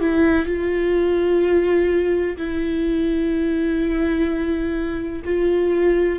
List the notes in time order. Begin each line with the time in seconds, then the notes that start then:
0.00 E4
0.46 F4
2.37 E4
5.25 F4